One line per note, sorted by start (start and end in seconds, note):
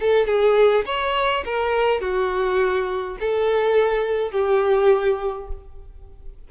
0.00 0.26 A4
0.26 0.85 G#4
0.86 1.44 C#5
1.45 2.01 A#4
2.01 3.17 F#4
3.20 4.31 A4
4.31 5.48 G4